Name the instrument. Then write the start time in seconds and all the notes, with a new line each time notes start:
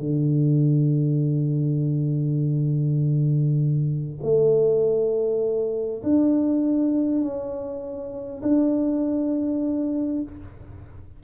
tuba
0.00 D3
4.23 A3
6.04 D4
7.22 C#4
8.43 D4